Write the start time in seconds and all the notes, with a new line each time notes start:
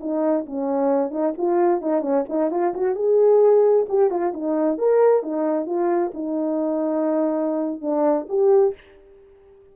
0.00 D#4
0.46 C#4
1.11 D#4
1.37 F4
1.81 D#4
2.01 C#4
2.28 D#4
2.51 F4
2.74 F#4
2.95 G#4
3.88 G4
4.10 F4
4.33 D#4
4.78 A#4
5.23 D#4
5.66 F4
6.13 D#4
7.81 D4
8.29 G4